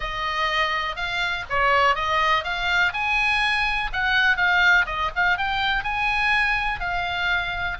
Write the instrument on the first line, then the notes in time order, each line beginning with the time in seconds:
oboe
0.00 D#5
0.95 F5
1.49 C#5
1.95 D#5
2.43 F5
2.93 G#5
3.92 F#5
4.36 F5
4.86 D#5
5.15 F5
5.37 G5
5.83 G#5
6.79 F5